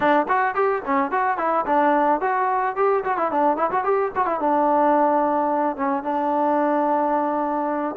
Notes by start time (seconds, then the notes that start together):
0.00 D4
0.28 F#4
0.54 G4
0.85 C#4
1.11 F#4
1.37 E4
1.65 D4
2.20 F#4
2.76 G4
3.04 F#4
3.17 E4
3.31 D4
3.56 E4
3.71 F#4
3.84 G4
4.15 F#4
4.26 E4
4.40 D4
5.76 C#4
6.03 D4